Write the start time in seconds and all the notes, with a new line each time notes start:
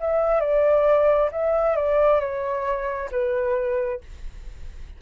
0.00 E5
0.41 D5
1.32 E5
1.76 D5
2.20 C#5
3.11 B4